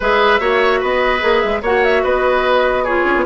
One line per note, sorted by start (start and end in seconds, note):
0.00 0.40 G#3
0.00 0.39 G#4
0.00 0.40 B4
0.00 0.83 E5
0.39 0.81 A#3
0.39 1.19 F#4
0.39 0.80 C#5
0.80 1.23 B3
0.80 1.61 B4
0.80 1.40 D#5
1.19 1.43 A#3
1.19 1.60 G#4
1.40 1.62 G#3
1.40 1.60 E5
1.62 2.03 A#3
1.62 2.87 F#4
1.62 2.02 C#5
1.62 1.84 F#5
1.84 2.04 E5
2.03 3.05 B3
2.03 2.84 B4
2.03 2.84 D#5
2.84 3.25 F4
2.84 3.24 G#4
2.84 3.25 C#5
3.05 3.15 C#4
3.16 3.25 B3